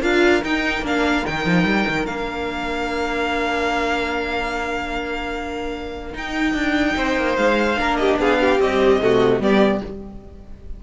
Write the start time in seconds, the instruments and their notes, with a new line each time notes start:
0.00 cello D4, viola F4, violin A#4 F5
0.43 viola D#4, cello D#4, violin G5
0.82 cello A#3, viola D4, violin F5
1.24 cello D#3, viola D#4, violin G5
1.45 cello F3
1.64 cello G3
1.88 cello D#3
2.06 cello A#3, viola D4, violin F5
6.13 viola D#4, cello D#4, violin G5
6.53 cello D4
6.96 cello C4, violin C5
7.16 cello A#3
7.36 cello G#3, violin F5
7.77 cello A#3, viola D4, violin A#4
7.96 violin G4 D#5
8.18 cello B3, violin G#4 F5
8.40 violin G4
8.59 viola G3, cello C4, violin D#5
8.99 cello C3, viola A3, violin F#4
9.40 cello G3, viola B3, violin G4 D5